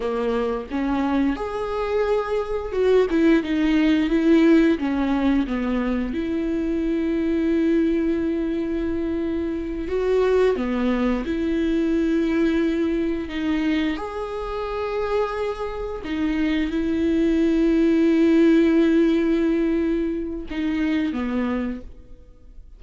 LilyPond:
\new Staff \with { instrumentName = "viola" } { \time 4/4 \tempo 4 = 88 ais4 cis'4 gis'2 | fis'8 e'8 dis'4 e'4 cis'4 | b4 e'2.~ | e'2~ e'8 fis'4 b8~ |
b8 e'2. dis'8~ | dis'8 gis'2. dis'8~ | dis'8 e'2.~ e'8~ | e'2 dis'4 b4 | }